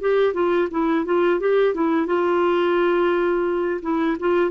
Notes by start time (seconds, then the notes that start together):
0.00 G4
0.33 F4
0.70 E4
1.05 F4
1.40 G4
1.74 E4
2.06 F4
3.82 E4
4.19 F4